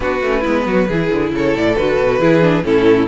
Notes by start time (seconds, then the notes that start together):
0.00 B3 D4 F#4 B4
0.22 A3 C#4
0.41 G#3 B3 E4
0.66 F#3 F#4
0.87 E3 E4 G#4
1.11 D3
1.32 C#3 A4 C#5
1.54 A2 D5
1.76 D3 F#4 B4
1.97 B2
2.19 E3 E4 G#4
2.41 D4
2.62 A2 C#4 E4 A4